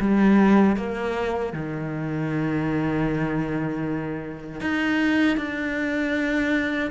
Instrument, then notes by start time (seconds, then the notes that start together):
cello
0.00 G3
0.76 A#3
1.53 D#3
4.61 D#4
5.37 D4